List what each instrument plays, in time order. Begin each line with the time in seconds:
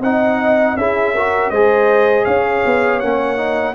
0.00 tuba C4, trombone D#4, horn D#5, trumpet F#5
0.76 tuba C#4, trombone E4, horn G#4, trumpet E5
1.14 trombone F#4, horn A#4
1.50 tuba G#3, trombone G#4, horn C5, trumpet D#5
2.25 tuba C#4, horn C#5, trumpet F5
2.65 tuba B3
2.99 tuba A#3, trombone C#4, trumpet F#5
3.36 trombone D#4